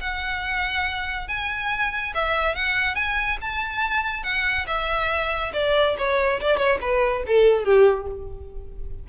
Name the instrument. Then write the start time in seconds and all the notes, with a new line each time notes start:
violin
0.00 F#5
1.28 G#5
2.14 E5
2.55 F#5
2.95 G#5
3.41 A5
4.23 F#5
4.67 E5
5.53 D5
5.97 C#5
6.40 D5
6.57 C#5
6.81 B4
7.26 A4
7.64 G4